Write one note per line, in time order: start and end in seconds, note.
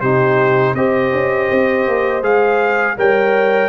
0.00 0.74 C3
0.00 0.77 D#4
0.00 0.74 G4
0.00 0.74 C5
0.74 1.11 C4
0.74 2.22 G4
0.74 2.96 C5
0.74 2.23 D#5
1.12 1.49 C#4
1.50 1.87 C4
1.87 2.22 A#3
2.22 2.96 G#3
2.22 2.96 G#4
2.22 2.98 F5
2.97 3.69 G3
2.97 3.69 A#4
2.97 3.69 C#5
2.97 3.69 G5